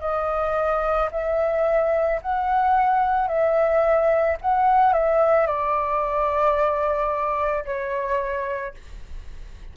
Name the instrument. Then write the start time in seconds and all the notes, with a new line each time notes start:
flute
0.00 D#5
1.12 E5
2.22 F#5
3.28 E5
4.41 F#5
4.93 E5
5.46 D5
7.65 C#5